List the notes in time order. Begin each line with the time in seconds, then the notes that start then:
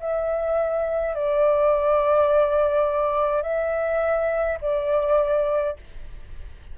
0.00 E5
1.15 D5
3.43 E5
4.62 D5